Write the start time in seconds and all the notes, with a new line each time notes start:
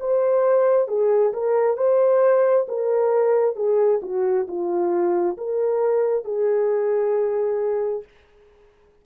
0.00 C5
0.88 G#4
1.34 A#4
1.77 C5
2.69 A#4
3.56 G#4
4.03 F#4
4.48 F4
5.38 A#4
6.25 G#4